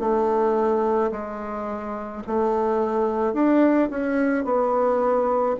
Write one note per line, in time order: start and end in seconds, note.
0.00 1.11 A3
1.12 2.23 G#3
2.27 3.34 A3
3.34 3.89 D4
3.90 4.45 C#4
4.45 5.56 B3